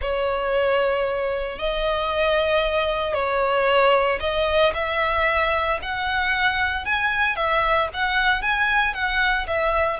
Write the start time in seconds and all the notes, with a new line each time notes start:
0.01 C#5
1.58 D#5
3.13 C#5
4.20 D#5
4.74 E5
5.82 F#5
6.85 G#5
7.35 E5
7.93 F#5
8.42 G#5
8.93 F#5
9.47 E5